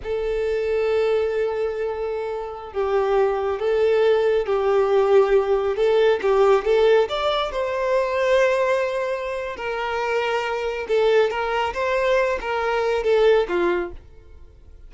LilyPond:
\new Staff \with { instrumentName = "violin" } { \time 4/4 \tempo 4 = 138 a'1~ | a'2~ a'16 g'4.~ g'16~ | g'16 a'2 g'4.~ g'16~ | g'4~ g'16 a'4 g'4 a'8.~ |
a'16 d''4 c''2~ c''8.~ | c''2 ais'2~ | ais'4 a'4 ais'4 c''4~ | c''8 ais'4. a'4 f'4 | }